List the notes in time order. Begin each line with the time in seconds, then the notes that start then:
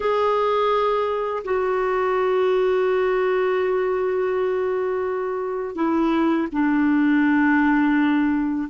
0.00 G#4
1.44 F#4
5.75 E4
6.52 D4